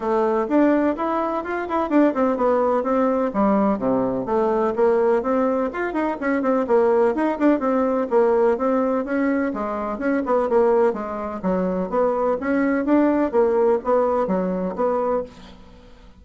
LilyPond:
\new Staff \with { instrumentName = "bassoon" } { \time 4/4 \tempo 4 = 126 a4 d'4 e'4 f'8 e'8 | d'8 c'8 b4 c'4 g4 | c4 a4 ais4 c'4 | f'8 dis'8 cis'8 c'8 ais4 dis'8 d'8 |
c'4 ais4 c'4 cis'4 | gis4 cis'8 b8 ais4 gis4 | fis4 b4 cis'4 d'4 | ais4 b4 fis4 b4 | }